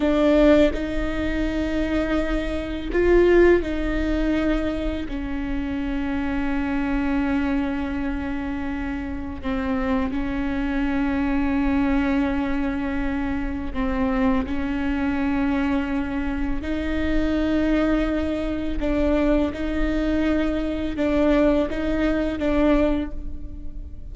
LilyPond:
\new Staff \with { instrumentName = "viola" } { \time 4/4 \tempo 4 = 83 d'4 dis'2. | f'4 dis'2 cis'4~ | cis'1~ | cis'4 c'4 cis'2~ |
cis'2. c'4 | cis'2. dis'4~ | dis'2 d'4 dis'4~ | dis'4 d'4 dis'4 d'4 | }